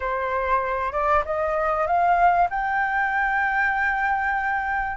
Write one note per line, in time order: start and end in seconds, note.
0.00 0.92 C5
0.92 1.23 D5
1.25 1.86 D#5
1.86 2.48 F5
2.50 4.96 G5